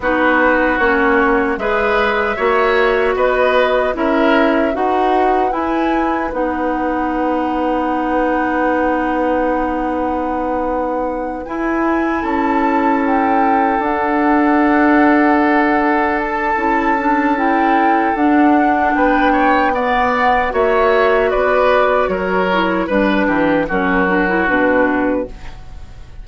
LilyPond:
<<
  \new Staff \with { instrumentName = "flute" } { \time 4/4 \tempo 4 = 76 b'4 cis''4 e''2 | dis''4 e''4 fis''4 gis''4 | fis''1~ | fis''2~ fis''8 gis''4 a''8~ |
a''8 g''4 fis''2~ fis''8~ | fis''8 a''4. g''4 fis''4 | g''4 fis''4 e''4 d''4 | cis''4 b'4 ais'4 b'4 | }
  \new Staff \with { instrumentName = "oboe" } { \time 4/4 fis'2 b'4 cis''4 | b'4 ais'4 b'2~ | b'1~ | b'2.~ b'8 a'8~ |
a'1~ | a'1 | b'8 cis''8 d''4 cis''4 b'4 | ais'4 b'8 g'8 fis'2 | }
  \new Staff \with { instrumentName = "clarinet" } { \time 4/4 dis'4 cis'4 gis'4 fis'4~ | fis'4 e'4 fis'4 e'4 | dis'1~ | dis'2~ dis'8 e'4.~ |
e'4. d'2~ d'8~ | d'4 e'8 d'8 e'4 d'4~ | d'4 b4 fis'2~ | fis'8 e'8 d'4 cis'8 d'16 e'16 d'4 | }
  \new Staff \with { instrumentName = "bassoon" } { \time 4/4 b4 ais4 gis4 ais4 | b4 cis'4 dis'4 e'4 | b1~ | b2~ b8 e'4 cis'8~ |
cis'4. d'2~ d'8~ | d'4 cis'2 d'4 | b2 ais4 b4 | fis4 g8 e8 fis4 b,4 | }
>>